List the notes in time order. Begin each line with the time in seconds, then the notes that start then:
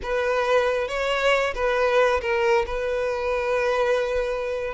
0.02 B4
0.87 C#5
1.54 B4
2.21 A#4
2.66 B4